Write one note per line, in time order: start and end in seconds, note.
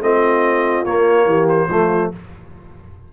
0.00 0.83 A3
0.00 0.85 C4
0.00 1.27 F4
0.00 0.84 D#5
0.84 1.69 A#3
0.84 1.25 A#3
0.84 1.47 C#5
1.25 1.67 E3
1.25 1.68 G4
1.49 2.11 C5
1.68 2.10 F3
1.68 2.12 A3
1.68 2.11 F4